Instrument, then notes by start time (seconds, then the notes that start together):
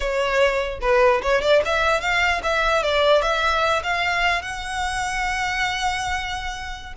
violin
0.00 C#5
0.81 B4
1.22 C#5
1.41 D5
1.65 E5
2.00 F5
2.43 E5
2.82 D5
3.22 E5
3.83 F5
4.42 F#5